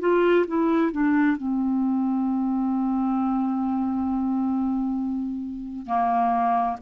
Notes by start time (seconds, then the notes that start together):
0.00 F4
0.48 E4
0.92 D4
1.37 C4
5.86 A#3